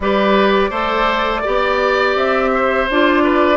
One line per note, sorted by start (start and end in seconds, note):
0.00 0.70 G3
0.00 0.71 G4
0.00 0.70 B4
0.00 2.16 D5
0.70 1.42 A3
0.70 1.43 A4
0.70 1.41 C5
1.41 2.15 B3
1.41 2.88 G4
1.41 2.50 D5
2.15 2.87 C4
2.15 2.89 E5
2.54 3.23 C5
2.90 3.57 D4
2.90 3.57 F4
2.90 3.57 D5
3.23 3.57 B4